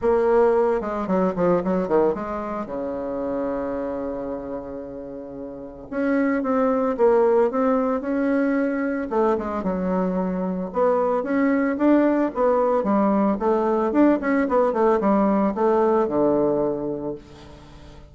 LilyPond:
\new Staff \with { instrumentName = "bassoon" } { \time 4/4 \tempo 4 = 112 ais4. gis8 fis8 f8 fis8 dis8 | gis4 cis2.~ | cis2. cis'4 | c'4 ais4 c'4 cis'4~ |
cis'4 a8 gis8 fis2 | b4 cis'4 d'4 b4 | g4 a4 d'8 cis'8 b8 a8 | g4 a4 d2 | }